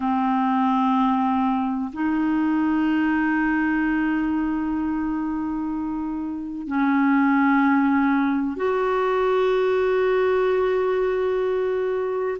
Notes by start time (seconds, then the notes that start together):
0.00 C4
1.93 D#4
6.67 C#4
8.56 F#4